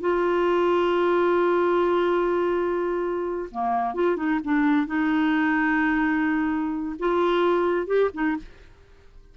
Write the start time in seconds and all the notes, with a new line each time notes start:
0.00 F4
3.51 A#3
3.94 F4
4.16 D#4
4.44 D4
4.86 D#4
6.99 F4
7.86 G4
8.13 D#4